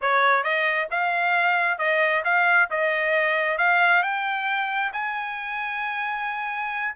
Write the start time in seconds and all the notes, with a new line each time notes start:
0.01 C#5
0.43 D#5
0.91 F5
1.78 D#5
2.24 F5
2.70 D#5
3.58 F5
4.02 G5
4.93 G#5